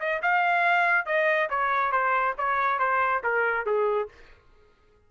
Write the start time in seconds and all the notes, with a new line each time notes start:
0.00 D#5
0.22 F5
1.06 D#5
1.50 C#5
1.92 C5
2.38 C#5
2.79 C5
3.24 A#4
3.66 G#4